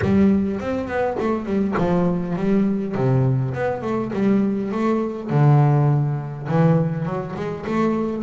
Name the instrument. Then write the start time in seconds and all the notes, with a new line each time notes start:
double bass
0.01 G3
0.60 C4
0.87 B3
1.19 A3
1.45 G3
1.77 F3
2.35 G3
2.94 C3
3.53 B3
3.82 A3
4.13 G3
4.71 A3
5.30 D3
6.48 E3
7.05 F#3
7.36 G#3
7.66 A3